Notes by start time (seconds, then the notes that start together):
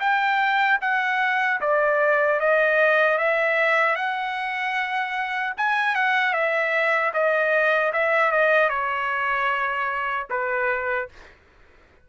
0.00 G5
0.81 F#5
1.61 D5
2.40 D#5
3.18 E5
3.95 F#5
5.57 G#5
5.95 F#5
6.33 E5
7.14 D#5
7.93 E5
8.31 D#5
8.69 C#5
10.30 B4